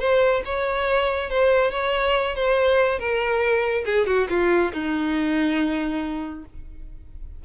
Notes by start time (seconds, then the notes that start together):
0.00 C5
0.45 C#5
1.30 C5
1.71 C#5
2.36 C5
2.99 A#4
3.86 G#4
4.07 F#4
4.30 F4
4.73 D#4